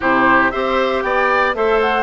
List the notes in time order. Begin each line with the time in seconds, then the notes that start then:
0.00 C3 E4 G4 C5
0.50 C4 G4 C5 E5
1.02 B3 D5 G5
1.54 A3 A4 C5 E5
1.80 F#5